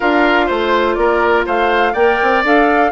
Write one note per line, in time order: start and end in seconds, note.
0.00 0.50 D4
0.00 1.95 F4
0.00 0.46 A#4
0.00 0.48 F5
0.46 0.96 A3
0.46 0.94 C5
0.94 1.45 A#3
0.94 1.46 A#4
0.94 1.43 D5
1.46 1.94 A3
1.46 1.92 C5
1.46 1.94 F5
1.92 2.18 A#3
1.92 2.44 A#4
1.92 2.90 D5
1.92 2.43 G5
2.22 2.44 C4
2.44 2.91 D4
2.44 2.91 A4
2.44 2.91 F5